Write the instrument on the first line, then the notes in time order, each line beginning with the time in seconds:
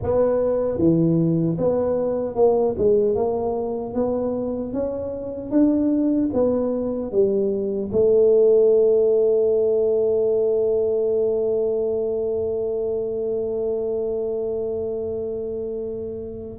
tuba
0.03 B3
0.78 E3
1.58 B3
2.35 A#3
2.78 G#3
3.15 A#3
3.94 B3
4.73 C#4
5.50 D4
6.33 B3
7.11 G3
7.92 A3